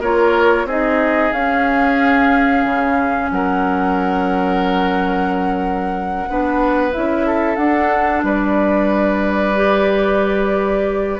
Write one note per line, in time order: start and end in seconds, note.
0.00 0.65 A#3
0.00 0.68 F4
0.00 0.66 A#4
0.00 0.69 C#5
0.65 1.31 C4
0.65 1.33 D#4
0.65 3.31 G#4
0.65 1.33 D#5
1.33 2.65 C#4
1.33 6.28 C#4
1.33 3.30 F5
2.65 3.31 C#3
3.31 6.27 F#3
3.31 6.29 A#4
3.31 6.93 F#5
6.28 6.95 B3
6.28 6.92 D4
6.28 7.26 B4
6.92 7.57 C#4
6.92 7.58 E4
6.92 7.56 E5
7.26 8.25 A4
7.56 8.23 D4
7.56 9.55 D4
7.56 8.22 F#5
8.23 11.20 G3
8.23 11.20 B4
8.23 11.20 D5
9.55 11.20 G4